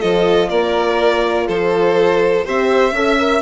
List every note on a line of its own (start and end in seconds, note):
0.00 0.51 F3
0.00 2.44 F4
0.00 0.50 A4
0.00 0.49 D#5
0.49 1.48 A#3
0.49 1.47 A#4
0.49 1.47 D5
1.47 2.46 F3
1.47 2.45 A4
1.47 2.47 C5
2.45 2.92 C4
2.45 2.93 G4
2.45 2.94 C5
2.45 3.42 E5
2.92 3.41 C#4
2.92 3.19 A4
2.92 3.42 E5
3.19 3.42 A#4